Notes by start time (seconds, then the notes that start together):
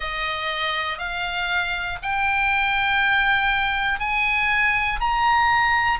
0.00 D#5
0.98 F5
2.02 G5
4.00 G#5
5.00 A#5